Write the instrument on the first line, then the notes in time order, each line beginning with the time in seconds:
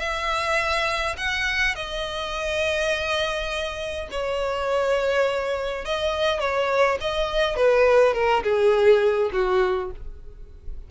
violin
0.00 E5
1.18 F#5
1.76 D#5
4.11 C#5
5.85 D#5
6.40 C#5
7.01 D#5
7.57 B4
8.14 A#4
8.44 G#4
9.33 F#4